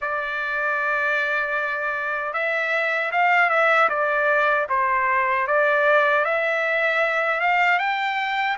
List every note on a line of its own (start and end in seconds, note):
0.01 2.33 D5
2.33 3.11 E5
3.11 3.49 F5
3.49 3.88 E5
3.89 4.67 D5
4.69 5.47 C5
5.47 6.24 D5
6.24 7.40 E5
7.40 7.79 F5
7.79 8.56 G5